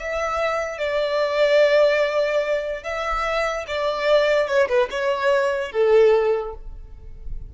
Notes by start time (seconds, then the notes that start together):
0.00 E5
0.78 D5
2.84 E5
3.68 D5
4.48 C#5
4.69 B4
4.91 C#5
5.72 A4